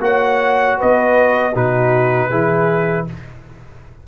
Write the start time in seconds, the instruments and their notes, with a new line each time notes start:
0.00 tuba A#3, trombone F#4, horn C#5, trumpet F#5
0.79 tuba B3, horn B4, trumpet D#5
1.53 tuba B2, trombone D#4, horn F#4, trumpet B4
2.29 tuba E3, trombone E4, horn G#4